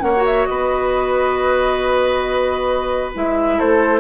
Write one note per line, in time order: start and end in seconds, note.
0.00 0.47 A#3
0.00 0.11 C#4
0.00 0.49 C#5
0.00 0.24 F#5
0.16 3.14 F#4
0.26 0.46 E5
0.46 3.16 B3
0.46 3.58 B4
0.46 3.13 D#5
3.14 3.60 G#3
3.14 4.01 E4
3.14 3.60 E5
3.58 4.01 A3
3.58 4.01 A4
3.58 4.01 C5